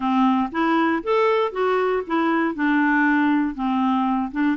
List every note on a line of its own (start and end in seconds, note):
0.00 0.49 C4
0.51 1.02 E4
1.03 1.52 A4
1.52 2.02 F#4
2.06 2.54 E4
2.54 3.55 D4
3.55 4.31 C4
4.31 4.56 D4